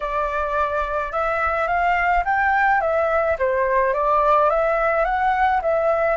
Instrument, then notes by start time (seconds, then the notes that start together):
flute
0.00 D5
1.12 E5
1.67 F5
2.25 G5
2.80 E5
3.38 C5
3.93 D5
4.49 E5
5.04 F#5
5.62 E5